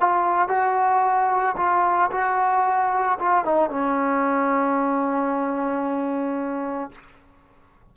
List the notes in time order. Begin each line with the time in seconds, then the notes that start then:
0.00 F4
0.48 F#4
1.57 F4
2.11 F#4
3.19 F4
3.45 D#4
3.70 C#4